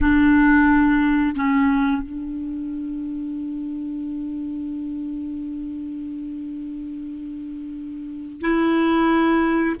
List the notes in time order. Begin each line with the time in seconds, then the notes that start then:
0.00 D4
1.35 C#4
2.02 D4
8.41 E4